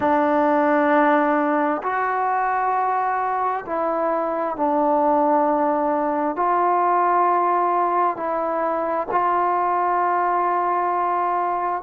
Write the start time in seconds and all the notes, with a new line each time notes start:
0.00 D4
1.83 F#4
3.66 E4
4.56 D4
6.36 F4
8.16 E4
9.11 F4